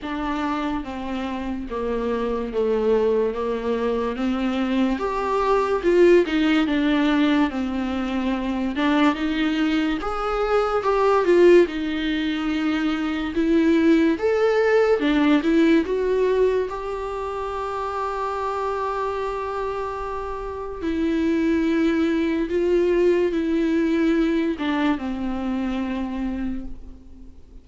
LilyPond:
\new Staff \with { instrumentName = "viola" } { \time 4/4 \tempo 4 = 72 d'4 c'4 ais4 a4 | ais4 c'4 g'4 f'8 dis'8 | d'4 c'4. d'8 dis'4 | gis'4 g'8 f'8 dis'2 |
e'4 a'4 d'8 e'8 fis'4 | g'1~ | g'4 e'2 f'4 | e'4. d'8 c'2 | }